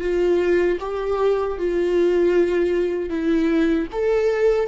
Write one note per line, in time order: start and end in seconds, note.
0.00 0.78 F4
0.80 1.58 G4
1.58 3.09 F4
3.09 3.87 E4
3.92 4.68 A4